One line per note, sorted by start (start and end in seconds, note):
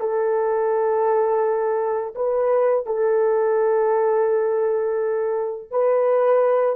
0.00 2.14 A4
2.16 2.86 B4
2.86 5.71 A4
5.71 6.76 B4